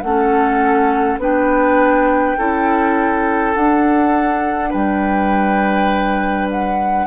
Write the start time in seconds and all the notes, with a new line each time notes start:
0.00 A3 C#4 A4 F#5
1.18 B3 D4 B4 G5
2.38 C#4 E4 A4
3.55 D4 F#5
4.70 G3 B4 G5
6.51 F#5